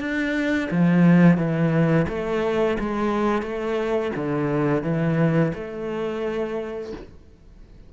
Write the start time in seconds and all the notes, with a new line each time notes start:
0.00 D4
0.71 F3
1.38 E3
2.09 A3
2.80 G#3
3.43 A3
4.16 D3
4.83 E3
5.55 A3